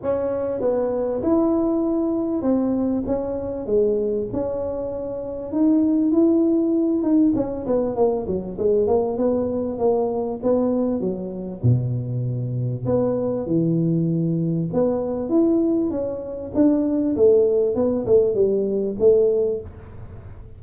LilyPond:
\new Staff \with { instrumentName = "tuba" } { \time 4/4 \tempo 4 = 98 cis'4 b4 e'2 | c'4 cis'4 gis4 cis'4~ | cis'4 dis'4 e'4. dis'8 | cis'8 b8 ais8 fis8 gis8 ais8 b4 |
ais4 b4 fis4 b,4~ | b,4 b4 e2 | b4 e'4 cis'4 d'4 | a4 b8 a8 g4 a4 | }